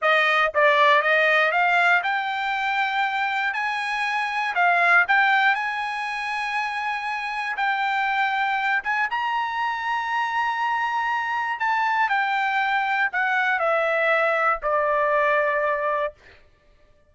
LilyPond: \new Staff \with { instrumentName = "trumpet" } { \time 4/4 \tempo 4 = 119 dis''4 d''4 dis''4 f''4 | g''2. gis''4~ | gis''4 f''4 g''4 gis''4~ | gis''2. g''4~ |
g''4. gis''8 ais''2~ | ais''2. a''4 | g''2 fis''4 e''4~ | e''4 d''2. | }